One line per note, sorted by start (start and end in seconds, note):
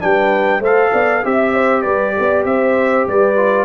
0.00 0.60 G3
0.00 0.61 D4
0.00 0.60 B4
0.00 0.63 G5
0.60 0.91 A3
0.60 1.24 A4
0.60 0.91 C5
0.60 1.26 F5
0.92 1.24 B3
0.92 1.23 D5
1.24 1.86 C4
1.24 3.37 G4
1.24 1.54 E5
1.24 1.82 E5
1.54 1.83 C5
1.82 2.16 G3
1.82 2.13 B4
1.82 2.43 D5
2.18 2.45 B3
2.18 2.48 D5
2.45 3.06 C4
2.45 3.08 C5
2.45 3.07 E5
3.07 3.66 G3
3.07 3.66 B4
3.07 3.66 D5
3.37 3.66 F4